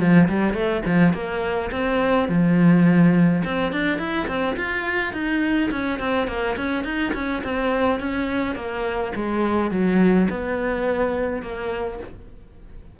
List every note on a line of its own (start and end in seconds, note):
0.00 0.29 F3
0.29 0.54 G3
0.54 0.82 A3
0.86 1.14 F3
1.14 1.71 A#3
1.72 2.29 C4
2.29 3.43 F3
3.45 3.73 C4
3.73 3.99 D4
3.99 4.27 E4
4.28 4.56 C4
4.57 5.14 F4
5.14 5.71 D#4
5.71 6.00 C#4
6.00 6.28 C4
6.28 6.56 A#3
6.57 6.85 C#4
6.85 7.13 D#4
7.14 7.43 C#4
7.44 8.00 C4
8.00 8.56 C#4
8.56 9.13 A#3
9.16 9.71 G#3
9.71 10.28 F#3
10.30 11.43 B3
11.43 12.00 A#3